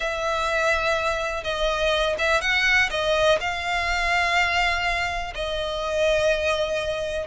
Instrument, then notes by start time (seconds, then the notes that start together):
violin
0.00 E5
1.43 D#5
2.18 E5
2.41 F#5
2.90 D#5
3.40 F5
5.34 D#5